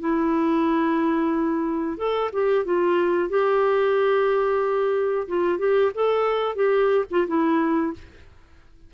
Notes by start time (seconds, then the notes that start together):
0.00 E4
1.98 A4
2.33 G4
2.65 F4
3.29 G4
5.28 F4
5.59 G4
5.95 A4
6.55 G4
7.11 F4
7.27 E4